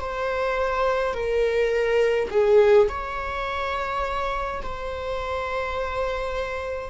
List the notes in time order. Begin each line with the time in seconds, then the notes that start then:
0.00 C5
1.14 A#4
2.30 G#4
2.89 C#5
4.62 C5